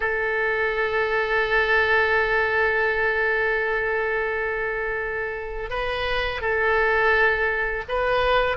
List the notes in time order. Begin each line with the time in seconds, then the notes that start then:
0.00 A4
5.69 B4
6.41 A4
7.88 B4